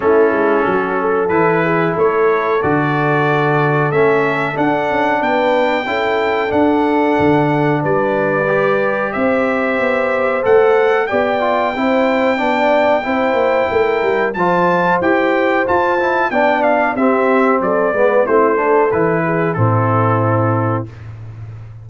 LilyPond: <<
  \new Staff \with { instrumentName = "trumpet" } { \time 4/4 \tempo 4 = 92 a'2 b'4 cis''4 | d''2 e''4 fis''4 | g''2 fis''2 | d''2 e''2 |
fis''4 g''2.~ | g''2 a''4 g''4 | a''4 g''8 f''8 e''4 d''4 | c''4 b'4 a'2 | }
  \new Staff \with { instrumentName = "horn" } { \time 4/4 e'4 fis'8 a'4 gis'8 a'4~ | a'1 | b'4 a'2. | b'2 c''2~ |
c''4 d''4 c''4 d''4 | c''4 ais'4 c''2~ | c''4 d''4 g'4 a'8 b'8 | e'8 a'4 gis'8 e'2 | }
  \new Staff \with { instrumentName = "trombone" } { \time 4/4 cis'2 e'2 | fis'2 cis'4 d'4~ | d'4 e'4 d'2~ | d'4 g'2. |
a'4 g'8 f'8 e'4 d'4 | e'2 f'4 g'4 | f'8 e'8 d'4 c'4. b8 | c'8 d'8 e'4 c'2 | }
  \new Staff \with { instrumentName = "tuba" } { \time 4/4 a8 gis8 fis4 e4 a4 | d2 a4 d'8 cis'8 | b4 cis'4 d'4 d4 | g2 c'4 b4 |
a4 b4 c'4 b4 | c'8 ais8 a8 g8 f4 e'4 | f'4 b4 c'4 fis8 gis8 | a4 e4 a,2 | }
>>